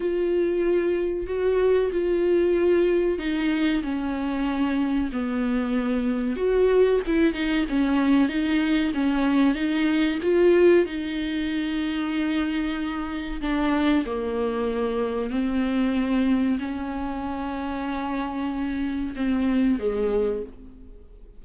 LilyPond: \new Staff \with { instrumentName = "viola" } { \time 4/4 \tempo 4 = 94 f'2 fis'4 f'4~ | f'4 dis'4 cis'2 | b2 fis'4 e'8 dis'8 | cis'4 dis'4 cis'4 dis'4 |
f'4 dis'2.~ | dis'4 d'4 ais2 | c'2 cis'2~ | cis'2 c'4 gis4 | }